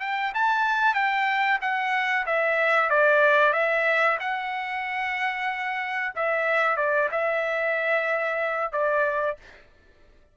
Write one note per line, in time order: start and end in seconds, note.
0.00 0.32 G5
0.34 0.94 A5
0.94 1.58 G5
1.61 2.26 F#5
2.26 2.89 E5
2.89 3.53 D5
3.53 4.17 E5
4.19 6.13 F#5
6.15 6.76 E5
6.76 7.09 D5
7.11 8.72 E5
8.72 9.36 D5